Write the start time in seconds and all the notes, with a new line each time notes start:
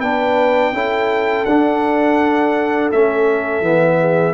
0.00 B3 D4 B4 G5
0.72 C#4 E4 A4
1.45 D4 F#5
2.91 A3 C#4 E5
3.61 E3 B3
4.00 G#4